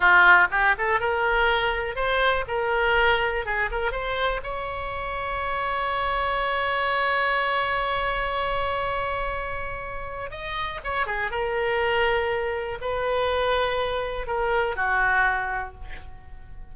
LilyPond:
\new Staff \with { instrumentName = "oboe" } { \time 4/4 \tempo 4 = 122 f'4 g'8 a'8 ais'2 | c''4 ais'2 gis'8 ais'8 | c''4 cis''2.~ | cis''1~ |
cis''1~ | cis''4 dis''4 cis''8 gis'8 ais'4~ | ais'2 b'2~ | b'4 ais'4 fis'2 | }